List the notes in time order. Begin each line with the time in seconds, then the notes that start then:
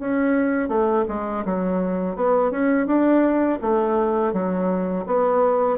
0.00 C#4
0.69 A3
1.08 G#3
1.45 F#3
2.16 B3
2.51 C#4
2.87 D4
3.61 A3
4.33 F#3
5.06 B3